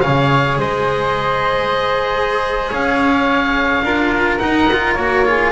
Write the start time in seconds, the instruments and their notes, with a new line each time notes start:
0.00 double bass C#3, cello G#4, flute C#5, oboe F5
0.57 double bass G#3, flute C5, oboe D#5
2.69 double bass C#4, flute C#5, oboe F5
3.82 double bass D4, cello F4, flute A#4
4.38 cello D#4, double bass D#4, oboe F#5
4.72 cello F4
4.94 double bass A#3, cello F#4, oboe C#5
5.25 cello F4, flute G#4